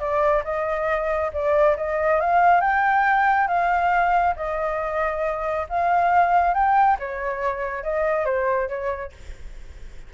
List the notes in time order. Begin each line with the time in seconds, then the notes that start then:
0.00 D5
0.45 D#5
1.34 D5
1.77 D#5
2.21 F5
2.61 G5
3.48 F5
4.37 D#5
5.70 F5
6.55 G5
7.00 C#5
7.84 D#5
8.26 C5
8.69 C#5